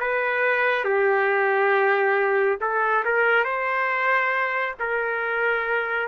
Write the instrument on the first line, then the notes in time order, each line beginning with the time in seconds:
trumpet
0.00 B4
0.84 G4
2.60 A4
3.05 A#4
3.44 C5
4.79 A#4